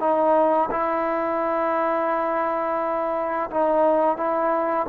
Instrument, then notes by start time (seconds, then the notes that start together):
trombone
0.00 D#4
0.71 E4
3.51 D#4
4.17 E4